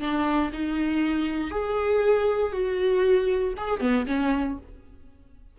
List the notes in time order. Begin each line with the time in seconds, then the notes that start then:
0.00 D4
0.53 D#4
1.51 G#4
2.52 F#4
3.57 G#4
3.80 B3
4.07 C#4